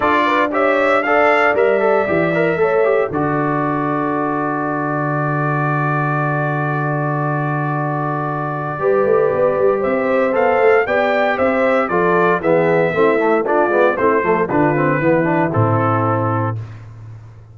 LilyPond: <<
  \new Staff \with { instrumentName = "trumpet" } { \time 4/4 \tempo 4 = 116 d''4 e''4 f''4 e''4~ | e''2 d''2~ | d''1~ | d''1~ |
d''2. e''4 | f''4 g''4 e''4 d''4 | e''2 d''4 c''4 | b'2 a'2 | }
  \new Staff \with { instrumentName = "horn" } { \time 4/4 a'8 b'8 cis''4 d''2~ | d''4 cis''4 a'2~ | a'1~ | a'1~ |
a'4 b'2 c''4~ | c''4 d''4 c''4 a'4 | gis'4 e'4 f'4 e'8 a'8 | f'4 e'2. | }
  \new Staff \with { instrumentName = "trombone" } { \time 4/4 f'4 g'4 a'4 ais'8 a'8 | g'8 ais'8 a'8 g'8 fis'2~ | fis'1~ | fis'1~ |
fis'4 g'2. | a'4 g'2 f'4 | b4 c'8 a8 d'8 b8 c'8 a8 | d'8 c'8 b8 d'8 c'2 | }
  \new Staff \with { instrumentName = "tuba" } { \time 4/4 d'2. g4 | e4 a4 d2~ | d1~ | d1~ |
d4 g8 a8 b8 g8 c'4 | b8 a8 b4 c'4 f4 | e4 a4. gis8 a8 f8 | d4 e4 a,2 | }
>>